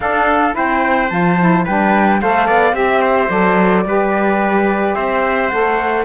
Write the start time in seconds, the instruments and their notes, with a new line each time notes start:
0.00 cello D4, saxophone D4, trumpet A4, flute F5
0.52 cello C4, saxophone E4, trumpet C5, flute G5
1.09 cello F3, saxophone F4, flute A5
1.39 saxophone E4
1.64 cello G3, saxophone D4, trumpet B4, flute G5
2.21 cello A3, saxophone A4, trumpet C5, flute F5
2.47 cello B3, trumpet D5
2.73 cello C4, saxophone G4, trumpet E5, flute E5
3.01 trumpet C5
3.29 cello F#3, saxophone A4, flute D5
3.85 cello G3, saxophone G4, trumpet B4
4.94 cello C4, trumpet C5, flute E5
5.48 cello A3, saxophone A4, flute F#5